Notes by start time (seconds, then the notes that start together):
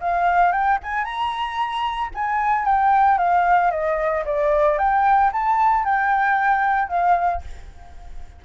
0.00 F5
0.52 G5
0.83 G#5
1.04 A#5
2.14 G#5
2.65 G5
3.17 F5
3.70 D#5
4.25 D5
4.78 G5
5.32 A5
5.84 G5
6.88 F5